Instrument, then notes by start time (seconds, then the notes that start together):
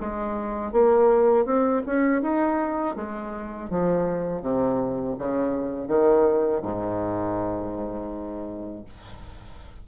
bassoon
0.00 G#3
0.72 A#3
1.45 C4
1.86 C#4
2.22 D#4
2.96 G#3
3.69 F3
4.41 C3
5.18 C#3
5.88 D#3
6.62 G#2